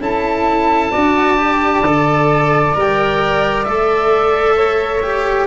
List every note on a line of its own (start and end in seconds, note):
0.00 0.91 C#4
0.00 0.91 E4
0.00 0.91 A4
0.00 2.75 A5
0.91 1.81 D4
0.91 1.37 F#4
0.91 4.55 D5
1.37 1.83 G4
1.81 2.72 D3
1.81 2.74 A4
2.74 3.67 G3
2.74 3.65 A#4
2.74 3.64 G5
3.64 5.47 A3
3.64 5.02 A4
3.64 5.46 E5
4.56 5.47 C#5
5.02 5.47 G4